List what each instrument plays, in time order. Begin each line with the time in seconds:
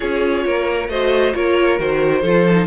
0.00 cello C#4, viola F4, violin G#4 C#5
0.45 cello A#3, violin A#4
0.88 cello A3, viola F#4, violin C5 D#5
1.33 cello A#3, viola F4, violin A#4 C#5
1.78 cello D#3, viola F#4, violin C5
2.21 cello F3, viola F4, violin A4
2.49 viola D#4